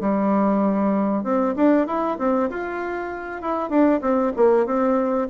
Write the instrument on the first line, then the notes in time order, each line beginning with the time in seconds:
bassoon
0.00 G3
1.23 C4
1.56 D4
1.86 E4
2.18 C4
2.50 F4
3.41 E4
3.69 D4
4.01 C4
4.36 A#3
4.66 C4